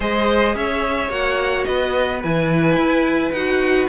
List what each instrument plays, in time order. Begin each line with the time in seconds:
0.00 cello G#3, viola G#4, violin C5 D#5
0.54 cello C#4, violin C#5 E5
1.08 cello A#3, viola F#4, violin F#5
1.64 cello B3, violin B4 D#5
2.23 cello E3, viola E4, violin G#5
2.76 cello E4
3.31 cello D#4, viola F#4, violin F#5